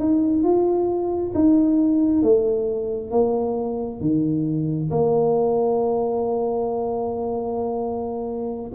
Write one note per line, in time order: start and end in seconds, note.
0.00 0.44 D#4
0.44 1.34 F4
1.35 2.23 D#4
2.23 3.11 A3
3.11 4.01 A#3
4.01 4.91 D#3
4.91 8.72 A#3